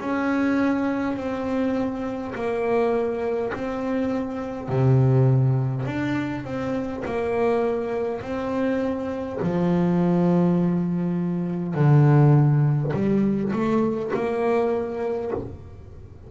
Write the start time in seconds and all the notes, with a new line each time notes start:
0.00 C#4
1.17 C4
2.35 A#3
3.54 C4
4.69 C3
5.86 D4
6.44 C4
7.06 A#3
8.22 C4
9.42 F3
11.75 D3
12.94 G3
13.53 A3
14.14 A#3